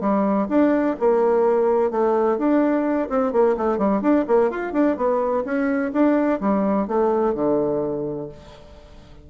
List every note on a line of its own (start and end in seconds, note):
0.00 0.47 G3
0.49 0.96 D4
0.99 1.90 A#3
1.90 2.38 A3
2.38 3.09 D4
3.09 3.32 C4
3.32 3.56 A#3
3.57 3.78 A3
3.78 4.01 G3
4.01 4.25 D4
4.27 4.50 A#3
4.50 4.73 F4
4.73 4.96 D4
4.96 5.44 B3
5.45 5.92 C#4
5.92 6.40 D4
6.40 6.87 G3
6.87 7.34 A3
7.34 8.28 D3